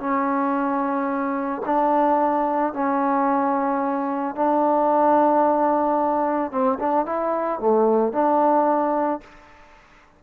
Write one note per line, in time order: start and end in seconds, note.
0.00 1.62 C#4
1.66 2.73 D4
2.73 4.36 C#4
4.36 6.52 D4
6.52 6.79 C4
6.79 7.06 D4
7.06 7.60 E4
7.60 8.13 A3
8.13 9.21 D4